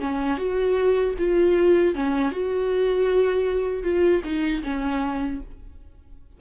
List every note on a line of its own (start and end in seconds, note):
0.00 0.37 C#4
0.37 1.14 F#4
1.18 1.95 F4
1.95 2.31 C#4
2.31 3.83 F#4
3.83 4.21 F4
4.24 4.62 D#4
4.63 5.40 C#4